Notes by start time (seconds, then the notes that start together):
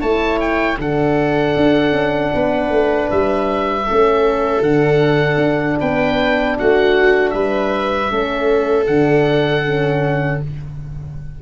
0.00 A3 E4 C#5 A5
0.40 G5
0.78 D3 D4 A4 F#5
1.56 D4
1.91 C#4
2.34 B3 B4
2.70 A3
3.10 G3 E5
3.85 A3 C#4 A4
4.61 D3 D4 F#5
5.37 D4
5.79 B3 B4 G5
6.58 A3 F#4 F#5
7.30 G3 B4 E5
8.09 A3 C#4 A4
8.86 D3 D4 F#5
9.65 C#4